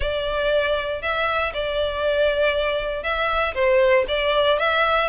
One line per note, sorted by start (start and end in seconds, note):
0.00 1.01 D5
1.01 1.52 E5
1.53 3.03 D5
3.03 3.54 E5
3.54 4.05 C5
4.08 4.59 D5
4.59 5.08 E5